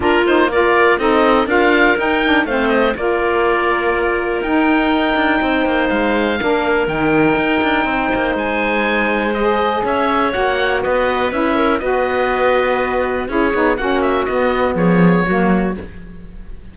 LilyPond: <<
  \new Staff \with { instrumentName = "oboe" } { \time 4/4 \tempo 4 = 122 ais'8 c''8 d''4 dis''4 f''4 | g''4 f''8 dis''8 d''2~ | d''4 g''2. | f''2 g''2~ |
g''4 gis''2 dis''4 | e''4 fis''4 dis''4 e''4 | dis''2. cis''4 | fis''8 e''8 dis''4 cis''2 | }
  \new Staff \with { instrumentName = "clarinet" } { \time 4/4 f'4 ais'4 a'4 ais'4~ | ais'4 c''4 ais'2~ | ais'2. c''4~ | c''4 ais'2. |
c''1 | cis''2 b'4. ais'8 | b'2. gis'4 | fis'2 gis'4 fis'4 | }
  \new Staff \with { instrumentName = "saxophone" } { \time 4/4 d'8 dis'8 f'4 dis'4 f'4 | dis'8 d'8 c'4 f'2~ | f'4 dis'2.~ | dis'4 d'4 dis'2~ |
dis'2. gis'4~ | gis'4 fis'2 e'4 | fis'2. e'8 dis'8 | cis'4 b2 ais4 | }
  \new Staff \with { instrumentName = "cello" } { \time 4/4 ais2 c'4 d'4 | dis'4 a4 ais2~ | ais4 dis'4. d'8 c'8 ais8 | gis4 ais4 dis4 dis'8 d'8 |
c'8 ais8 gis2. | cis'4 ais4 b4 cis'4 | b2. cis'8 b8 | ais4 b4 f4 fis4 | }
>>